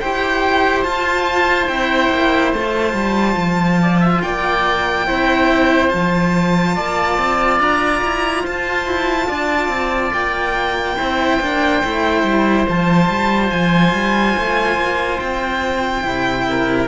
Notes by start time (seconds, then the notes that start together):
0.00 E4 G4 C5 G5
0.83 F4 A5
1.67 C4 E4 G5
2.10 A#3
2.52 A3 F4 A5
2.93 G3
3.36 F3
3.82 D5
4.00 E5
4.21 A#3 D5 G5
5.06 C4 E4 C5
5.88 F3 F4 A5
6.75 A#3 D5
7.18 C4
7.60 D4 A#5
8.04 E4
8.43 F4 C5 A5
8.86 E4
9.28 D4 D5
9.68 C4
10.13 A#3 G5
10.97 C4 E4 C5
11.40 A#3 D4
11.83 A3 E4
12.23 G3
12.68 F3 F4 A5
13.09 G3
13.50 F3 G#5
13.93 G3
14.37 A3
14.76 A#3
15.20 C4 G5
16.02 C3 E4
16.49 A#4